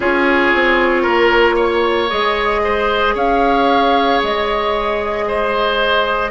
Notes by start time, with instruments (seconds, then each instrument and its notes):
0.00 bassoon C#4, clarinet F4, oboe G#4, flute C#5
0.54 bassoon C4
1.02 bassoon A#3, oboe A#4
1.55 oboe C#5
2.09 bassoon G#3, clarinet G#4, flute D#5
2.64 oboe C5
3.14 bassoon C#4, oboe C#5, flute F5
4.23 bassoon G#3, flute D#5
5.27 oboe C5